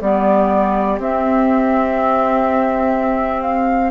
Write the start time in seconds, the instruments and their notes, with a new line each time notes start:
0.00 bassoon G3, clarinet B3, oboe G4, flute D5
0.99 bassoon C4, clarinet C4, flute E5
3.42 flute F5